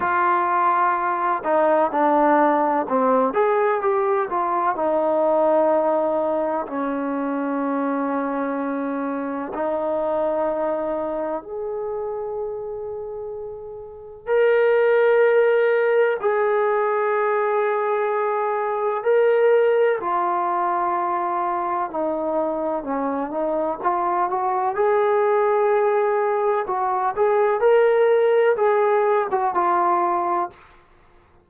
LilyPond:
\new Staff \with { instrumentName = "trombone" } { \time 4/4 \tempo 4 = 63 f'4. dis'8 d'4 c'8 gis'8 | g'8 f'8 dis'2 cis'4~ | cis'2 dis'2 | gis'2. ais'4~ |
ais'4 gis'2. | ais'4 f'2 dis'4 | cis'8 dis'8 f'8 fis'8 gis'2 | fis'8 gis'8 ais'4 gis'8. fis'16 f'4 | }